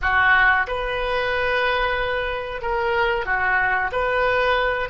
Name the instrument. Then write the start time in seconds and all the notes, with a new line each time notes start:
oboe
0.01 F#4
0.67 B4
2.61 A#4
3.25 F#4
3.91 B4